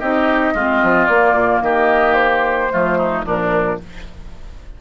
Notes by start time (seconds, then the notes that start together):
0.00 C4 D#4 G4 D#5
0.55 G#3 C4 F4
0.83 F3
1.06 A#3 D5
1.12 A#3
1.34 A#2
1.62 D#3 G4 D#5
2.14 C5
2.71 F3 A3 F4
2.98 D#4
3.24 A#2 F3 D4 A#4